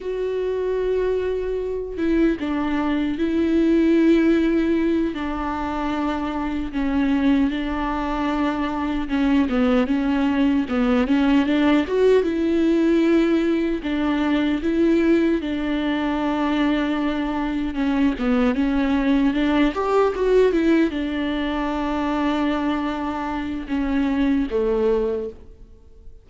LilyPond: \new Staff \with { instrumentName = "viola" } { \time 4/4 \tempo 4 = 76 fis'2~ fis'8 e'8 d'4 | e'2~ e'8 d'4.~ | d'8 cis'4 d'2 cis'8 | b8 cis'4 b8 cis'8 d'8 fis'8 e'8~ |
e'4. d'4 e'4 d'8~ | d'2~ d'8 cis'8 b8 cis'8~ | cis'8 d'8 g'8 fis'8 e'8 d'4.~ | d'2 cis'4 a4 | }